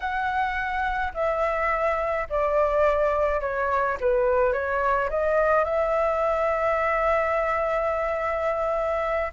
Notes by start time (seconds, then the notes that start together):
0.00 F#5
1.14 E5
2.29 D5
3.40 C#5
4.00 B4
4.52 C#5
5.09 D#5
5.64 E5